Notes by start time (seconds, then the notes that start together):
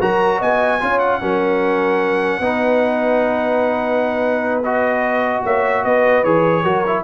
0.00 F#3 F#4 A#4 A#5
0.39 B3 D#5 G#5
0.81 C#4 F4 C#5
0.99 F#5
1.21 F#3 C#4 A#4
2.40 B3 D#4 B4
4.63 F#4 D#5
5.45 A#3 C#5 E5
5.84 B3 B4 D#5
6.23 E3 G#4 C#5
6.63 F#3 F#4 A#4
6.86 E4